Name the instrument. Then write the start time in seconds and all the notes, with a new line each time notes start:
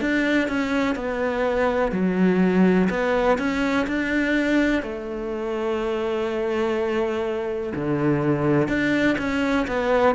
cello
0.00 D4
0.48 C#4
0.95 B3
1.92 F#3
2.89 B3
3.38 C#4
3.87 D4
4.82 A3
7.75 D3
8.68 D4
9.18 C#4
9.67 B3